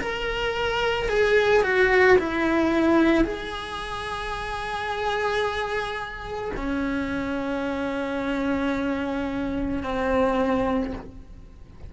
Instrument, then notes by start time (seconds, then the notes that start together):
cello
0.00 A#4
1.09 G#4
1.64 F#4
2.19 E4
3.25 G#4
6.57 C#4
9.83 C4